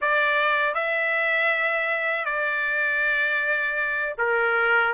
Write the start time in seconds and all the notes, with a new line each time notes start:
0.01 D5
0.74 E5
2.25 D5
4.18 A#4